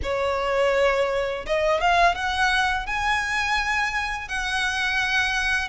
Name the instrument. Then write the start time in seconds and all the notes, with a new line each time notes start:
violin
0.03 C#5
1.46 D#5
1.80 F5
2.14 F#5
2.86 G#5
4.28 F#5